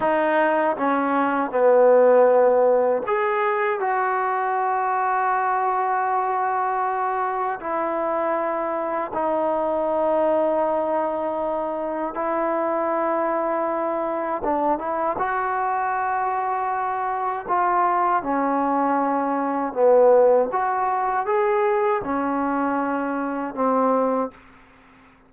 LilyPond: \new Staff \with { instrumentName = "trombone" } { \time 4/4 \tempo 4 = 79 dis'4 cis'4 b2 | gis'4 fis'2.~ | fis'2 e'2 | dis'1 |
e'2. d'8 e'8 | fis'2. f'4 | cis'2 b4 fis'4 | gis'4 cis'2 c'4 | }